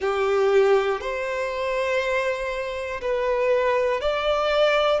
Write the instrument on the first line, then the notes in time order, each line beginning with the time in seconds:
violin
0.00 G4
1.00 C5
3.00 B4
4.00 D5